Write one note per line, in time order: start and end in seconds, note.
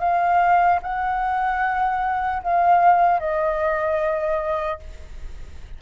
0.00 0.80 F5
0.83 2.43 F#5
2.43 3.20 F5
3.20 4.80 D#5